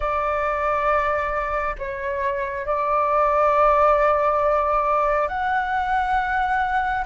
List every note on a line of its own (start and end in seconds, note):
0.00 1.75 D5
1.78 2.66 C#5
2.66 5.28 D5
5.28 7.04 F#5